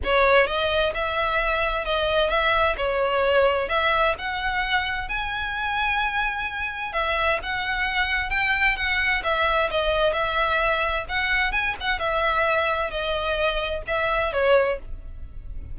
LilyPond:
\new Staff \with { instrumentName = "violin" } { \time 4/4 \tempo 4 = 130 cis''4 dis''4 e''2 | dis''4 e''4 cis''2 | e''4 fis''2 gis''4~ | gis''2. e''4 |
fis''2 g''4 fis''4 | e''4 dis''4 e''2 | fis''4 gis''8 fis''8 e''2 | dis''2 e''4 cis''4 | }